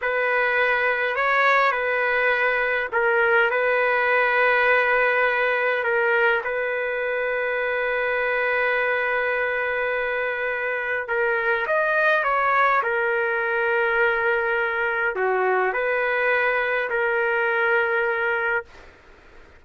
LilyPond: \new Staff \with { instrumentName = "trumpet" } { \time 4/4 \tempo 4 = 103 b'2 cis''4 b'4~ | b'4 ais'4 b'2~ | b'2 ais'4 b'4~ | b'1~ |
b'2. ais'4 | dis''4 cis''4 ais'2~ | ais'2 fis'4 b'4~ | b'4 ais'2. | }